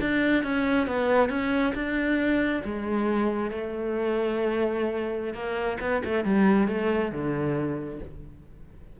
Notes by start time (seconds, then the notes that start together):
0.00 D4
0.43 C#4
0.87 B3
1.29 C#4
1.74 D4
2.64 G#3
3.51 A3
5.33 A#3
5.80 B3
6.04 A3
6.24 G3
6.67 A3
7.11 D3